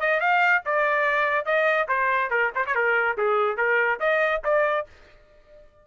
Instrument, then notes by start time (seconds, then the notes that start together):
trumpet
0.00 D#5
0.20 F5
0.65 D5
1.45 D#5
1.88 C5
2.30 A#4
2.54 C5
2.66 C#5
2.74 A#4
3.17 G#4
3.57 A#4
3.99 D#5
4.44 D5